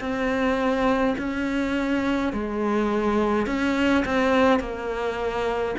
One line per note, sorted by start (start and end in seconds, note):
0.00 1.15 C4
1.18 2.33 C#4
2.33 3.47 G#3
3.47 4.04 C#4
4.05 4.59 C4
4.59 5.75 A#3